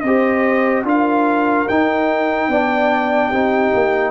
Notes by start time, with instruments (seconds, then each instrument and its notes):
0.00 tuba C4, trombone G4, horn C5, trumpet D#5
0.83 tuba D4, trombone F4, horn A#4, trumpet F5
1.68 tuba D#4, trombone D#4, trumpet G5
2.48 tuba B3, trombone D4, horn D5
3.28 tuba C4, trombone D#4, horn G4
3.74 tuba A#3